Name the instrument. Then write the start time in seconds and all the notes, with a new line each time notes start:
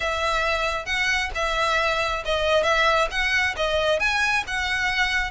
violin
0.00 E5
0.85 F#5
1.34 E5
2.25 D#5
2.63 E5
3.11 F#5
3.56 D#5
3.99 G#5
4.47 F#5